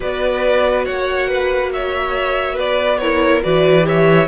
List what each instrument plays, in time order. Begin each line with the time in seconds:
0.00 cello B3, viola F#4, violin B4 D5
0.84 cello A#3, violin C#5 F#5
1.28 violin B4
1.72 violin C#5 E5
2.54 cello B3, violin B4 D5
2.97 viola E4, violin A#4 C#5
3.43 cello E3, viola F#4, violin B4 D5
3.82 viola G4, violin C#5 E5